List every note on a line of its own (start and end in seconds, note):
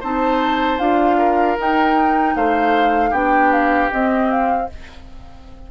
0.00 0.79 C4
0.00 0.79 D#4
0.00 1.17 C5
0.00 0.79 A5
0.79 1.57 D4
0.79 1.57 F4
0.79 1.57 F5
1.17 2.34 A#4
1.57 3.13 D#4
1.57 2.36 D#4
1.57 2.36 G5
2.36 3.12 A3
2.36 3.10 C5
2.36 3.14 F5
3.10 3.90 B3
3.10 3.91 D4
3.10 4.66 G4
3.10 3.52 G5
3.52 3.91 F5
3.91 4.69 C4
3.91 4.71 C4
3.91 4.31 D#5
4.31 4.70 F5